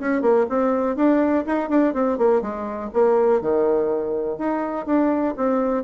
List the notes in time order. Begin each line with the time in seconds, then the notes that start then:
0.00 C#4
0.22 A#3
0.49 C4
0.96 D4
1.46 D#4
1.70 D4
1.94 C4
2.18 A#3
2.42 G#3
2.94 A#3
3.41 D#3
4.38 D#4
4.86 D4
5.37 C4